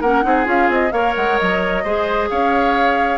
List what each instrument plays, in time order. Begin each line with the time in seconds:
0.00 bassoon A#3, clarinet C#4, oboe A#4, flute F#5
0.22 bassoon C4, clarinet D#4, oboe G#4
0.44 bassoon C#4, clarinet F4, flute F5
0.68 bassoon C4, flute D#5
0.91 bassoon A#3, clarinet A#4, oboe C#5, flute F5
1.16 bassoon G#3, flute F#5
1.38 bassoon F#3, flute D#5
1.83 bassoon G#3, clarinet G#4, oboe C5
2.29 bassoon C#4, oboe C#5, flute F5